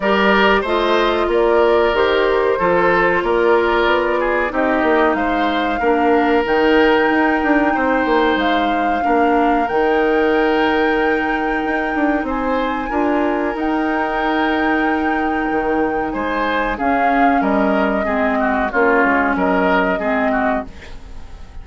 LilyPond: <<
  \new Staff \with { instrumentName = "flute" } { \time 4/4 \tempo 4 = 93 d''4 dis''4 d''4 c''4~ | c''4 d''2 dis''4 | f''2 g''2~ | g''4 f''2 g''4~ |
g''2. gis''4~ | gis''4 g''2.~ | g''4 gis''4 f''4 dis''4~ | dis''4 cis''4 dis''2 | }
  \new Staff \with { instrumentName = "oboe" } { \time 4/4 ais'4 c''4 ais'2 | a'4 ais'4. gis'8 g'4 | c''4 ais'2. | c''2 ais'2~ |
ais'2. c''4 | ais'1~ | ais'4 c''4 gis'4 ais'4 | gis'8 fis'8 f'4 ais'4 gis'8 fis'8 | }
  \new Staff \with { instrumentName = "clarinet" } { \time 4/4 g'4 f'2 g'4 | f'2. dis'4~ | dis'4 d'4 dis'2~ | dis'2 d'4 dis'4~ |
dis'1 | f'4 dis'2.~ | dis'2 cis'2 | c'4 cis'2 c'4 | }
  \new Staff \with { instrumentName = "bassoon" } { \time 4/4 g4 a4 ais4 dis4 | f4 ais4 b4 c'8 ais8 | gis4 ais4 dis4 dis'8 d'8 | c'8 ais8 gis4 ais4 dis4~ |
dis2 dis'8 d'8 c'4 | d'4 dis'2. | dis4 gis4 cis'4 g4 | gis4 ais8 gis8 fis4 gis4 | }
>>